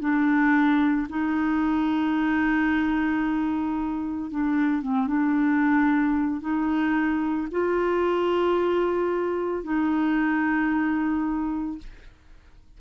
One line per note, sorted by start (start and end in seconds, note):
0.00 1.07 D4
1.10 4.31 D#4
4.31 4.82 D4
4.82 5.07 C4
5.07 6.41 D4
6.41 7.48 D#4
7.51 9.64 F4
9.64 11.78 D#4